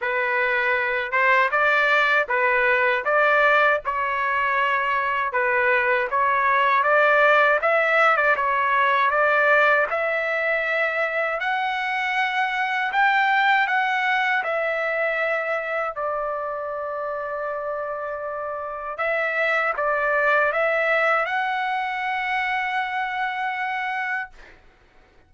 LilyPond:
\new Staff \with { instrumentName = "trumpet" } { \time 4/4 \tempo 4 = 79 b'4. c''8 d''4 b'4 | d''4 cis''2 b'4 | cis''4 d''4 e''8. d''16 cis''4 | d''4 e''2 fis''4~ |
fis''4 g''4 fis''4 e''4~ | e''4 d''2.~ | d''4 e''4 d''4 e''4 | fis''1 | }